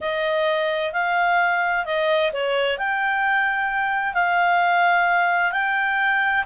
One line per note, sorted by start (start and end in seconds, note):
0.01 0.93 D#5
0.93 1.85 F5
1.85 2.31 D#5
2.32 2.77 C#5
2.77 4.13 G5
4.13 5.52 F5
5.52 6.44 G5